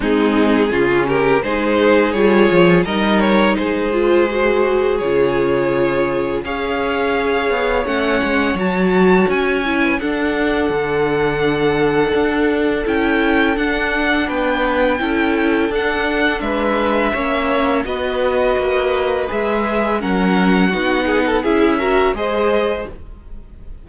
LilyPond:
<<
  \new Staff \with { instrumentName = "violin" } { \time 4/4 \tempo 4 = 84 gis'4. ais'8 c''4 cis''4 | dis''8 cis''8 c''2 cis''4~ | cis''4 f''2 fis''4 | a''4 gis''4 fis''2~ |
fis''2 g''4 fis''4 | g''2 fis''4 e''4~ | e''4 dis''2 e''4 | fis''2 e''4 dis''4 | }
  \new Staff \with { instrumentName = "violin" } { \time 4/4 dis'4 f'8 g'8 gis'2 | ais'4 gis'2.~ | gis'4 cis''2.~ | cis''4.~ cis''16 b'16 a'2~ |
a'1 | b'4 a'2 b'4 | cis''4 b'2. | ais'4 fis'8 gis'16 a'16 gis'8 ais'8 c''4 | }
  \new Staff \with { instrumentName = "viola" } { \time 4/4 c'4 cis'4 dis'4 f'4 | dis'4. f'8 fis'4 f'4~ | f'4 gis'2 cis'4 | fis'4. e'8 d'2~ |
d'2 e'4 d'4~ | d'4 e'4 d'2 | cis'4 fis'2 gis'4 | cis'4 dis'4 e'8 fis'8 gis'4 | }
  \new Staff \with { instrumentName = "cello" } { \time 4/4 gis4 cis4 gis4 g8 f8 | g4 gis2 cis4~ | cis4 cis'4. b8 a8 gis8 | fis4 cis'4 d'4 d4~ |
d4 d'4 cis'4 d'4 | b4 cis'4 d'4 gis4 | ais4 b4 ais4 gis4 | fis4 b4 cis'4 gis4 | }
>>